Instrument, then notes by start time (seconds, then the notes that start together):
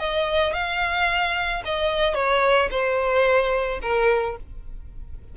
violin
0.00 D#5
0.54 F5
1.66 D#5
2.15 C#5
2.71 C5
3.82 A#4